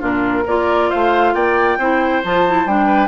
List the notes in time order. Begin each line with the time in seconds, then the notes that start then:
0.00 A#2 D4 F4 A#4
0.45 A#3 F4 A#4 D5
0.90 A3 C5 F5
1.34 A#3 D5 G5
1.78 C4 E4 C5
2.24 F3 F4 A5
2.47 E4
2.66 G3 D4 G5
2.86 B4